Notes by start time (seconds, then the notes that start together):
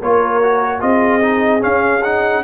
0.00 A#3 F4 A#4 C#5
0.43 F#4
0.80 C4 F4 G#4 D#5
1.21 D#4
1.60 C#4 F5
2.03 D#4 F#5